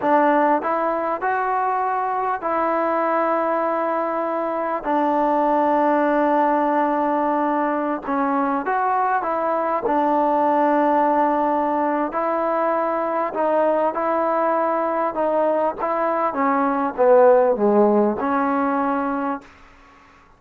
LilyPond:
\new Staff \with { instrumentName = "trombone" } { \time 4/4 \tempo 4 = 99 d'4 e'4 fis'2 | e'1 | d'1~ | d'4~ d'16 cis'4 fis'4 e'8.~ |
e'16 d'2.~ d'8. | e'2 dis'4 e'4~ | e'4 dis'4 e'4 cis'4 | b4 gis4 cis'2 | }